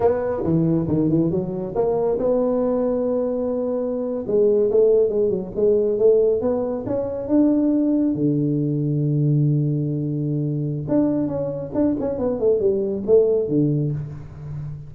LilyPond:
\new Staff \with { instrumentName = "tuba" } { \time 4/4 \tempo 4 = 138 b4 e4 dis8 e8 fis4 | ais4 b2.~ | b4.~ b16 gis4 a4 gis16~ | gis16 fis8 gis4 a4 b4 cis'16~ |
cis'8. d'2 d4~ d16~ | d1~ | d4 d'4 cis'4 d'8 cis'8 | b8 a8 g4 a4 d4 | }